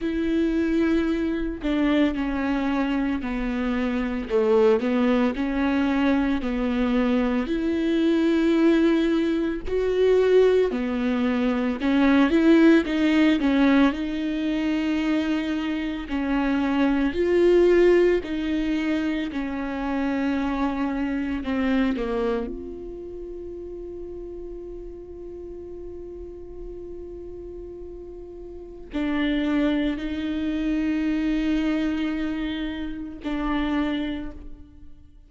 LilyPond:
\new Staff \with { instrumentName = "viola" } { \time 4/4 \tempo 4 = 56 e'4. d'8 cis'4 b4 | a8 b8 cis'4 b4 e'4~ | e'4 fis'4 b4 cis'8 e'8 | dis'8 cis'8 dis'2 cis'4 |
f'4 dis'4 cis'2 | c'8 ais8 f'2.~ | f'2. d'4 | dis'2. d'4 | }